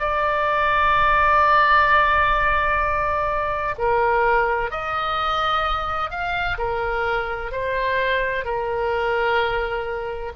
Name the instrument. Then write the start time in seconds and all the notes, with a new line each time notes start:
oboe
0.00 D5
3.78 A#4
4.71 D#5
6.11 F5
6.58 A#4
7.52 C5
8.45 A#4